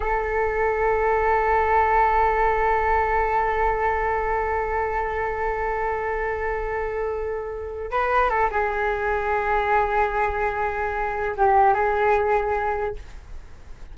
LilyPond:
\new Staff \with { instrumentName = "flute" } { \time 4/4 \tempo 4 = 148 a'1~ | a'1~ | a'1~ | a'1~ |
a'2.~ a'8 b'8~ | b'8 a'8 gis'2.~ | gis'1 | g'4 gis'2. | }